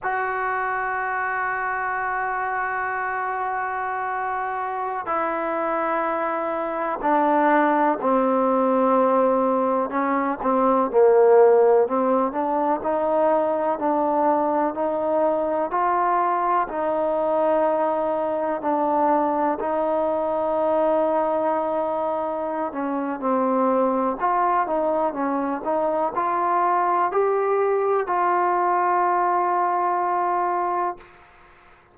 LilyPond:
\new Staff \with { instrumentName = "trombone" } { \time 4/4 \tempo 4 = 62 fis'1~ | fis'4~ fis'16 e'2 d'8.~ | d'16 c'2 cis'8 c'8 ais8.~ | ais16 c'8 d'8 dis'4 d'4 dis'8.~ |
dis'16 f'4 dis'2 d'8.~ | d'16 dis'2.~ dis'16 cis'8 | c'4 f'8 dis'8 cis'8 dis'8 f'4 | g'4 f'2. | }